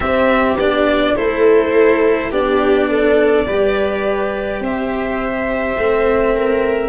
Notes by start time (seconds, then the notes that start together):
0.00 C4 G4 E5
0.56 B3 D4 D5
1.15 A3 E4 A4 C5
2.30 B3 D4 G4 D5
2.88 A4
3.46 G3 G4 B4
4.60 C4 C5 E5
5.77 A3 C4
6.36 A#4